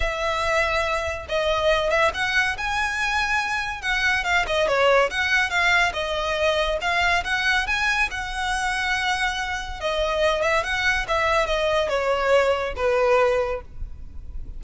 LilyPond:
\new Staff \with { instrumentName = "violin" } { \time 4/4 \tempo 4 = 141 e''2. dis''4~ | dis''8 e''8 fis''4 gis''2~ | gis''4 fis''4 f''8 dis''8 cis''4 | fis''4 f''4 dis''2 |
f''4 fis''4 gis''4 fis''4~ | fis''2. dis''4~ | dis''8 e''8 fis''4 e''4 dis''4 | cis''2 b'2 | }